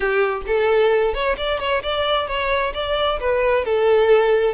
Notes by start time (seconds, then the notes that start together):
0.00 G4
0.46 A4
1.13 C#5
1.37 D5
1.59 C#5
1.82 D5
2.27 C#5
2.74 D5
3.19 B4
3.64 A4